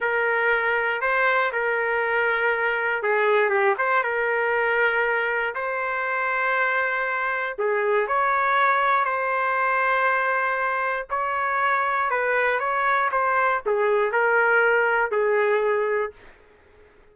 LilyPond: \new Staff \with { instrumentName = "trumpet" } { \time 4/4 \tempo 4 = 119 ais'2 c''4 ais'4~ | ais'2 gis'4 g'8 c''8 | ais'2. c''4~ | c''2. gis'4 |
cis''2 c''2~ | c''2 cis''2 | b'4 cis''4 c''4 gis'4 | ais'2 gis'2 | }